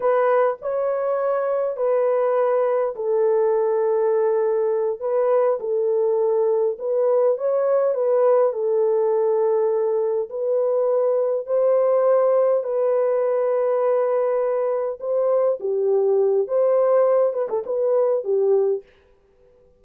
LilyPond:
\new Staff \with { instrumentName = "horn" } { \time 4/4 \tempo 4 = 102 b'4 cis''2 b'4~ | b'4 a'2.~ | a'8 b'4 a'2 b'8~ | b'8 cis''4 b'4 a'4.~ |
a'4. b'2 c''8~ | c''4. b'2~ b'8~ | b'4. c''4 g'4. | c''4. b'16 a'16 b'4 g'4 | }